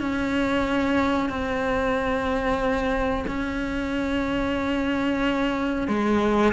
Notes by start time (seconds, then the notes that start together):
0.00 C#4
1.30 C4
3.28 C#4
5.88 G#3